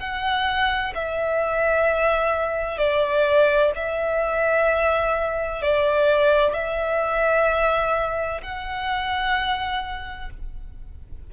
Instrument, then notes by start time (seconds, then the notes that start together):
violin
0.00 F#5
0.95 E5
2.78 D5
3.75 E5
5.62 D5
6.54 E5
8.43 F#5